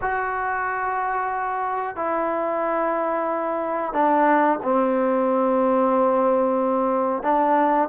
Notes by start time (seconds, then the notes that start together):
0.01 F#4
1.96 E4
3.93 D4
4.62 C4
7.23 D4